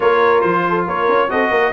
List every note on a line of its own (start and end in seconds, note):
0.00 0.43 A#3
0.00 1.29 F4
0.00 0.64 A#4
0.00 0.41 C#5
0.41 0.87 F3
0.41 0.84 C5
0.68 0.86 A4
0.86 1.08 A#3
0.86 1.30 A#4
0.86 1.30 C#5
1.08 1.29 C#4
1.29 1.50 C4
1.29 1.72 F#4
1.29 1.51 A4
1.29 1.73 D#5
1.50 1.72 A#3
1.50 1.73 A#4